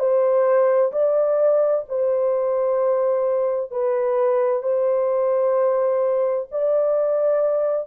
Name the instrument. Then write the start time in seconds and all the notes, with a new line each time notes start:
horn
0.00 C5
0.93 D5
1.89 C5
3.72 B4
4.63 C5
6.52 D5